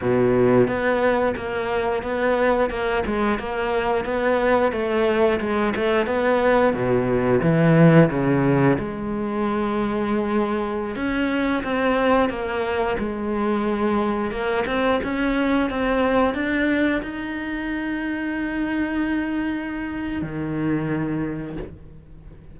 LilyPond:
\new Staff \with { instrumentName = "cello" } { \time 4/4 \tempo 4 = 89 b,4 b4 ais4 b4 | ais8 gis8 ais4 b4 a4 | gis8 a8 b4 b,4 e4 | cis4 gis2.~ |
gis16 cis'4 c'4 ais4 gis8.~ | gis4~ gis16 ais8 c'8 cis'4 c'8.~ | c'16 d'4 dis'2~ dis'8.~ | dis'2 dis2 | }